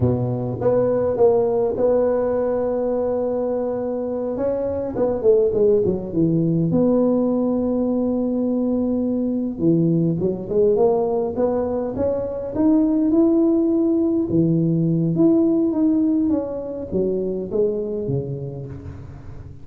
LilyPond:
\new Staff \with { instrumentName = "tuba" } { \time 4/4 \tempo 4 = 103 b,4 b4 ais4 b4~ | b2.~ b8 cis'8~ | cis'8 b8 a8 gis8 fis8 e4 b8~ | b1~ |
b8 e4 fis8 gis8 ais4 b8~ | b8 cis'4 dis'4 e'4.~ | e'8 e4. e'4 dis'4 | cis'4 fis4 gis4 cis4 | }